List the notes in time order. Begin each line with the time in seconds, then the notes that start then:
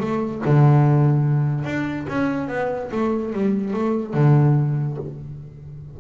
0.00 A3
0.45 D3
1.64 D4
2.08 C#4
2.48 B3
2.91 A3
3.33 G3
3.73 A3
4.14 D3